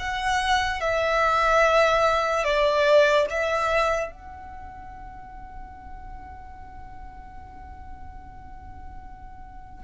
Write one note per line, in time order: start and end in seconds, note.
0.00 0.81 F#5
0.81 2.45 E5
2.45 3.27 D5
3.30 4.12 E5
4.12 9.84 F#5